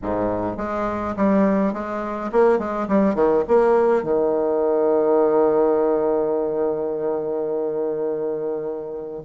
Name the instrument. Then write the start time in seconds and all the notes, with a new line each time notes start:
bassoon
0.02 G#2
0.57 G#3
1.16 G3
1.73 G#3
2.32 A#3
2.58 G#3
2.88 G3
3.14 D#3
3.48 A#3
4.03 D#3